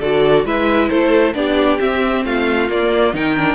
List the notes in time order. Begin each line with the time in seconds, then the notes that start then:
0.00 D3 F#4 A4 D5
0.44 G#3 E4 B4 E5
0.89 A3 A4 C5
1.34 B3 D4 G4 D5
1.78 C4 E5
2.24 A3 F4 F5
2.69 A#3 D5
3.13 D#3 D#4 A#4 G5
3.36 D4